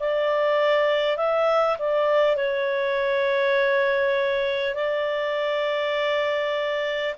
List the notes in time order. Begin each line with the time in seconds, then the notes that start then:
0.00 D5
1.17 E5
1.79 D5
2.37 C#5
4.75 D5